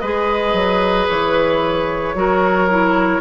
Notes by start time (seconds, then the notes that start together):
0.00 G#3 G#4 B4 D#5
0.54 F#3
1.09 E3 C#5
2.15 F#3 F#4 A#4
2.70 E4